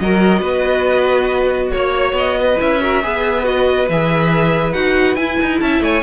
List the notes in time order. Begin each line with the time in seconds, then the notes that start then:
0.00 F#3 F#4 A#4 D#5
0.40 B3 B4
1.71 A#3 C#5
2.13 B3 D#5
2.40 B4
2.57 C#4 E4 E5
2.81 F#4 A#4
3.03 B3 G#4 B4
3.44 F#4 D#5
3.90 E3 G#4 E5
4.73 D#4 F#4 F#5
5.16 E4 G#5
5.42 D#4
5.60 C#4 E5 A5
5.80 A3 C#5 G#5